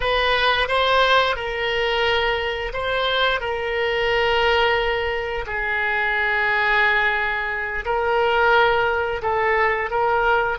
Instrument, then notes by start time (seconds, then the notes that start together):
oboe
0.00 B4
0.68 C5
1.35 A#4
2.73 C5
3.40 A#4
5.46 G#4
7.85 A#4
9.22 A4
9.90 A#4